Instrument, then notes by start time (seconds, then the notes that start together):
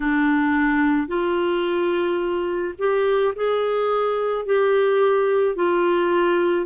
clarinet
0.00 D4
1.07 F4
2.78 G4
3.35 G#4
4.45 G4
5.56 F4